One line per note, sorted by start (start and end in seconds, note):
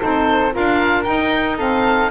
0.00 0.56 C4
0.00 0.51 D#4
0.00 0.53 A4
0.00 0.54 C5
0.51 1.07 D4
0.51 1.04 F4
0.51 1.58 A#4
0.51 1.04 F5
1.04 1.58 D#4
1.04 2.10 D#4
1.04 1.57 G5
1.58 2.10 C4
1.58 2.10 A4
1.58 2.10 F5